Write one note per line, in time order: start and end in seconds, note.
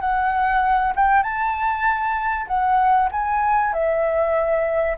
0.00 0.93 F#5
0.95 1.23 G5
1.23 2.46 A5
2.47 3.09 F#5
3.11 3.73 G#5
3.73 4.97 E5